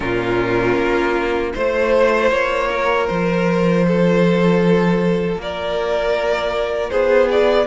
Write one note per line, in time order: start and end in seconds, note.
0.00 0.75 A#2
0.00 1.52 C#4
0.00 1.53 F4
0.00 1.52 A#4
0.76 1.53 A#3
1.52 2.31 A3
1.52 7.66 F4
1.52 2.68 C5
1.52 2.29 C5
2.29 3.08 A#3
2.29 3.06 C#5
2.70 3.85 A#4
3.06 5.36 F3
3.06 5.37 C5
3.87 5.41 A4
5.36 6.90 A#3
5.36 6.90 A#4
5.36 6.90 D5
6.90 7.66 B3
6.90 7.66 G#4
6.90 7.28 C5
7.31 7.66 D5